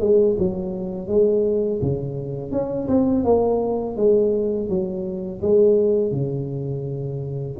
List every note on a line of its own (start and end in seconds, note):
0.00 0.36 G#3
0.38 1.07 F#3
1.07 1.80 G#3
1.81 2.51 C#3
2.51 2.88 C#4
2.88 3.24 C4
3.24 3.96 A#3
3.96 4.69 G#3
4.69 5.41 F#3
5.42 6.12 G#3
6.12 7.56 C#3